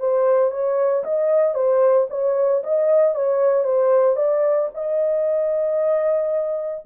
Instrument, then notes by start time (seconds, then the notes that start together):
horn
0.00 C5
0.51 C#5
1.04 D#5
1.55 C5
2.10 C#5
2.63 D#5
3.15 C#5
3.64 C5
4.16 D5
4.74 D#5